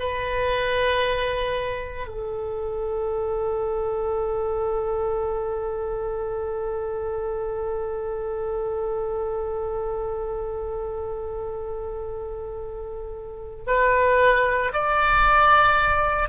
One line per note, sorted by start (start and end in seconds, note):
0.00 2.07 B4
2.07 13.65 A4
13.67 14.72 B4
14.74 16.29 D5